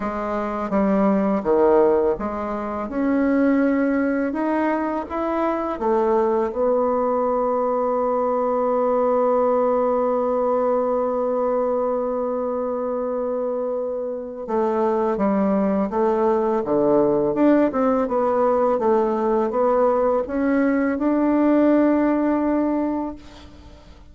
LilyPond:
\new Staff \with { instrumentName = "bassoon" } { \time 4/4 \tempo 4 = 83 gis4 g4 dis4 gis4 | cis'2 dis'4 e'4 | a4 b2.~ | b1~ |
b1 | a4 g4 a4 d4 | d'8 c'8 b4 a4 b4 | cis'4 d'2. | }